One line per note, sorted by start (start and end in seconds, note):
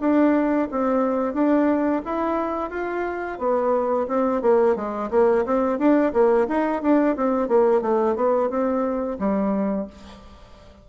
0.00 0.68 D4
0.71 1.33 C4
1.33 2.01 D4
2.05 2.70 E4
2.70 3.38 F4
3.38 4.06 B3
4.07 4.41 C4
4.41 4.75 A#3
4.75 5.10 G#3
5.10 5.45 A#3
5.45 5.78 C4
5.78 6.12 D4
6.13 6.47 A#3
6.48 6.82 D#4
6.82 7.16 D4
7.16 7.48 C4
7.48 7.81 A#3
7.81 8.15 A3
8.15 8.49 B3
8.49 9.17 C4
9.19 9.87 G3